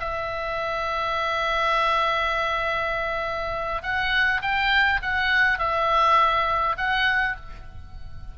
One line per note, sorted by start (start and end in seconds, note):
0.00 3.82 E5
3.83 4.41 F#5
4.42 5.01 G5
5.02 5.59 F#5
5.59 6.76 E5
6.78 7.36 F#5